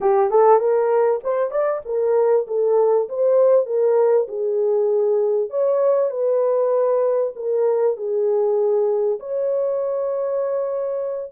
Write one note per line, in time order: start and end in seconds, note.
0.01 0.30 G4
0.30 0.59 A4
0.59 1.21 A#4
1.23 1.50 C5
1.50 1.81 D5
1.85 2.46 A#4
2.47 3.08 A4
3.08 3.65 C5
3.65 4.27 A#4
4.27 5.50 G#4
5.50 6.10 C#5
6.10 7.32 B4
7.35 7.96 A#4
7.96 9.19 G#4
9.19 11.32 C#5